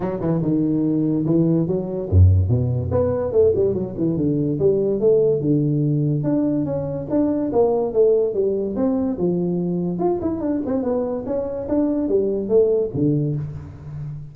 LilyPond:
\new Staff \with { instrumentName = "tuba" } { \time 4/4 \tempo 4 = 144 fis8 e8 dis2 e4 | fis4 fis,4 b,4 b4 | a8 g8 fis8 e8 d4 g4 | a4 d2 d'4 |
cis'4 d'4 ais4 a4 | g4 c'4 f2 | f'8 e'8 d'8 c'8 b4 cis'4 | d'4 g4 a4 d4 | }